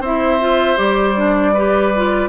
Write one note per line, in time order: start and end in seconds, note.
0.00 0.76 C4
0.00 0.40 E4
0.00 1.52 C5
0.00 0.77 E5
0.40 0.77 F4
0.77 2.29 G3
0.77 1.15 G4
0.77 2.29 D5
1.16 1.54 D4
1.53 1.94 G4
1.53 2.29 B4
1.95 2.29 F4